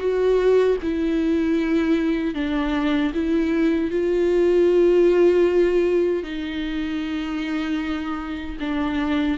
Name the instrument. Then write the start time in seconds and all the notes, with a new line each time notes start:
viola
0.00 F#4
0.83 E4
2.35 D4
3.15 E4
3.91 F4
6.24 D#4
8.60 D4